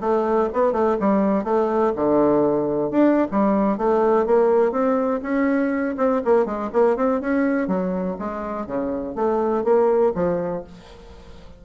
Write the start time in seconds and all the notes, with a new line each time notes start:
0.00 A3
0.53 B3
0.72 A3
1.00 G3
1.44 A3
1.95 D3
2.90 D4
3.31 G3
3.77 A3
4.25 A#3
4.71 C4
5.22 C#4
5.97 C4
6.25 A#3
6.45 G#3
6.73 A#3
6.96 C4
7.20 C#4
7.67 F#3
8.18 G#3
8.66 C#3
9.15 A3
9.63 A#3
10.15 F3